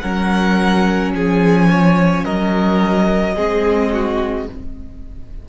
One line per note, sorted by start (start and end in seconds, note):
0.00 1.15 F#3
0.00 3.35 C#4
0.00 1.13 A#4
0.00 1.11 F#5
1.15 2.25 F3
1.15 1.69 G#4
1.15 2.25 G#5
1.69 2.25 C#5
2.25 3.36 F#3
2.25 3.34 A#4
2.25 4.47 D#5
3.34 4.49 G#3
3.34 4.46 C4
3.34 3.90 G#4
3.93 4.48 F#4